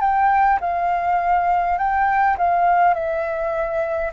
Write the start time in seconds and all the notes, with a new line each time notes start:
0.00 G5
0.60 F5
1.78 G5
2.37 F5
2.94 E5